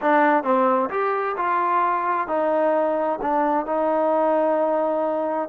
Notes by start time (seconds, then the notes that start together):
0.01 D4
0.43 C4
0.90 G4
1.36 F4
2.27 D#4
3.21 D4
3.65 D#4